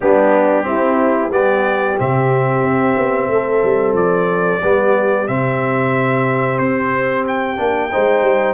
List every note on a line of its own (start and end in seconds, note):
0.00 0.67 G3
0.00 0.62 B3
0.00 0.66 D4
0.00 1.32 G4
0.62 1.28 C4
0.62 1.29 C4
0.62 1.32 E4
1.29 1.95 G3
1.29 1.97 B3
1.29 3.30 G4
1.29 1.98 D5
1.97 2.63 C3
1.97 4.61 C4
1.97 3.95 E5
2.63 2.96 C4
2.97 3.28 B3
3.28 3.61 A3
3.28 4.63 A4
3.63 3.93 G3
3.93 4.59 F3
3.93 5.27 D5
4.63 5.28 G3
4.63 5.27 B3
4.63 7.91 G4
5.27 6.59 C3
5.27 7.56 C4
5.27 6.58 E5
6.58 7.58 C4
6.58 7.24 C5
7.27 8.53 G5
7.56 7.91 A#3
7.56 7.89 D4
7.91 8.21 G#3
7.91 8.53 D#4
7.91 8.53 C5
8.21 8.53 G3